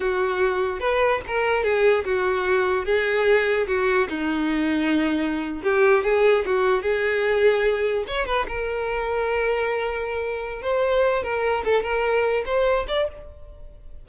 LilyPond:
\new Staff \with { instrumentName = "violin" } { \time 4/4 \tempo 4 = 147 fis'2 b'4 ais'4 | gis'4 fis'2 gis'4~ | gis'4 fis'4 dis'2~ | dis'4.~ dis'16 g'4 gis'4 fis'16~ |
fis'8. gis'2. cis''16~ | cis''16 b'8 ais'2.~ ais'16~ | ais'2 c''4. ais'8~ | ais'8 a'8 ais'4. c''4 d''8 | }